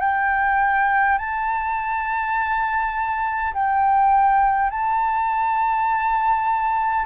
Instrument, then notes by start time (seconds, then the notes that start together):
flute
0.00 G5
1.18 A5
3.53 G5
4.71 A5